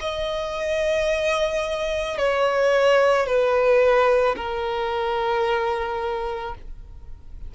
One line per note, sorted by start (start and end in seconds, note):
0.00 2.18 D#5
2.18 3.26 C#5
3.26 4.35 B4
4.36 6.54 A#4